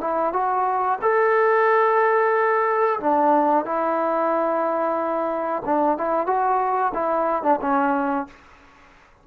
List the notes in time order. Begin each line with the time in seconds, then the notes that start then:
0.00 E4
0.32 F#4
1.01 A4
3.00 D4
3.65 E4
5.65 D4
5.97 E4
6.26 F#4
6.94 E4
7.42 D4
7.61 C#4